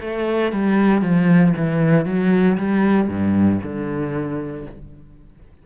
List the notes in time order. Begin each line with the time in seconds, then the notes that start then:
0.00 A3
0.52 G3
1.02 F3
1.57 E3
2.05 F#3
2.57 G3
3.08 G2
3.63 D3